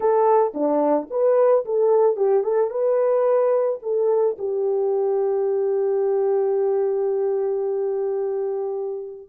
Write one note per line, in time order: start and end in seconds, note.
0.00 0.53 A4
0.53 1.08 D4
1.10 1.64 B4
1.65 2.16 A4
2.16 2.43 G4
2.43 2.70 A4
2.70 3.79 B4
3.82 4.36 A4
4.38 9.29 G4